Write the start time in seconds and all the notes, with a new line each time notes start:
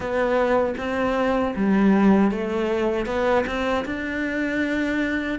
0.00 B3
0.77 C4
1.56 G3
2.31 A3
3.06 B3
3.46 C4
3.85 D4